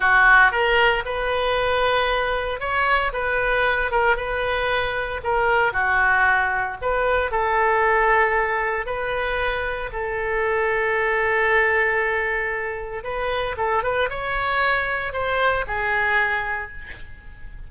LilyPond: \new Staff \with { instrumentName = "oboe" } { \time 4/4 \tempo 4 = 115 fis'4 ais'4 b'2~ | b'4 cis''4 b'4. ais'8 | b'2 ais'4 fis'4~ | fis'4 b'4 a'2~ |
a'4 b'2 a'4~ | a'1~ | a'4 b'4 a'8 b'8 cis''4~ | cis''4 c''4 gis'2 | }